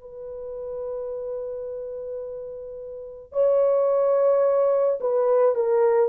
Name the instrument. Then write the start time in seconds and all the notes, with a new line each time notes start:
horn
0.00 B4
3.32 C#5
5.00 B4
5.55 A#4